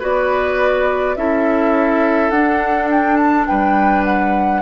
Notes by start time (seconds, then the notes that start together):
0.00 B3 F#4 B4 D5
1.16 C#4 E4 A4 E5
2.31 D4 F#5
2.91 G5
3.17 A5
3.47 G3 B4 G5
4.05 F#5